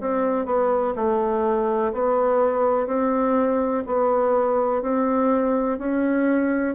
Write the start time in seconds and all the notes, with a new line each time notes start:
0.00 C4
0.46 B3
0.95 A3
1.93 B3
2.86 C4
3.86 B3
4.82 C4
5.78 C#4